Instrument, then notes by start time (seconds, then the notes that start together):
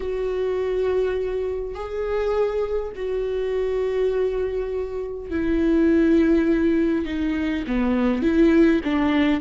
viola
0.00 F#4
1.74 G#4
2.95 F#4
5.30 E4
7.05 D#4
7.67 B3
8.22 E4
8.84 D4